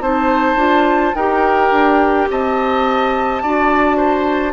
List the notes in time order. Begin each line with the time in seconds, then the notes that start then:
0.00 C4 D#4 C5 A5
0.56 D4 F4
1.14 D#4 G4 A#4 G5
1.71 D4
2.30 C4 D#5 A5
3.42 D4 F#4 D5
3.96 C5